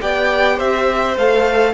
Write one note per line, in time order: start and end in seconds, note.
0.00 0.59 B3
0.00 1.15 G4
0.00 0.56 D5
0.00 0.59 G5
0.56 1.16 C4
0.56 1.72 C5
0.56 1.17 E5
1.16 1.73 A3
1.16 1.73 A4
1.16 1.73 F5